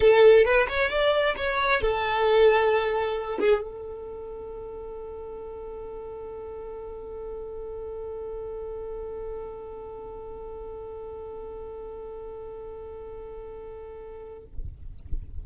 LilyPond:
\new Staff \with { instrumentName = "violin" } { \time 4/4 \tempo 4 = 133 a'4 b'8 cis''8 d''4 cis''4 | a'2.~ a'8 gis'8 | a'1~ | a'1~ |
a'1~ | a'1~ | a'1~ | a'1 | }